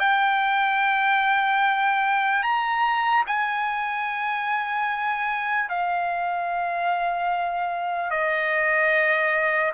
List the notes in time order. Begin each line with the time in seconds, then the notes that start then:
0.00 G5
2.43 A#5
3.27 G#5
5.69 F5
8.11 D#5